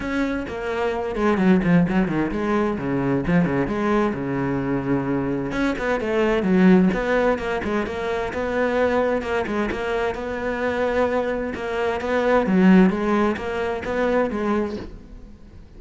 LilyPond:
\new Staff \with { instrumentName = "cello" } { \time 4/4 \tempo 4 = 130 cis'4 ais4. gis8 fis8 f8 | fis8 dis8 gis4 cis4 f8 cis8 | gis4 cis2. | cis'8 b8 a4 fis4 b4 |
ais8 gis8 ais4 b2 | ais8 gis8 ais4 b2~ | b4 ais4 b4 fis4 | gis4 ais4 b4 gis4 | }